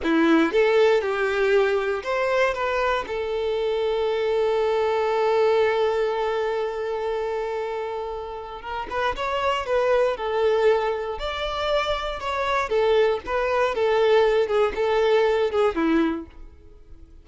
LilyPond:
\new Staff \with { instrumentName = "violin" } { \time 4/4 \tempo 4 = 118 e'4 a'4 g'2 | c''4 b'4 a'2~ | a'1~ | a'1~ |
a'4 ais'8 b'8 cis''4 b'4 | a'2 d''2 | cis''4 a'4 b'4 a'4~ | a'8 gis'8 a'4. gis'8 e'4 | }